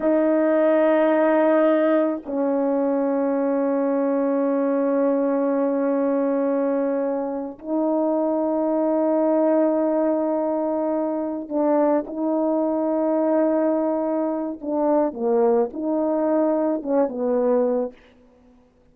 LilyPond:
\new Staff \with { instrumentName = "horn" } { \time 4/4 \tempo 4 = 107 dis'1 | cis'1~ | cis'1~ | cis'4. dis'2~ dis'8~ |
dis'1~ | dis'8 d'4 dis'2~ dis'8~ | dis'2 d'4 ais4 | dis'2 cis'8 b4. | }